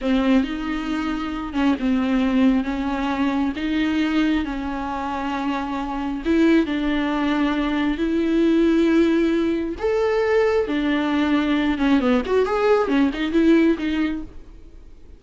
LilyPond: \new Staff \with { instrumentName = "viola" } { \time 4/4 \tempo 4 = 135 c'4 dis'2~ dis'8 cis'8 | c'2 cis'2 | dis'2 cis'2~ | cis'2 e'4 d'4~ |
d'2 e'2~ | e'2 a'2 | d'2~ d'8 cis'8 b8 fis'8 | gis'4 cis'8 dis'8 e'4 dis'4 | }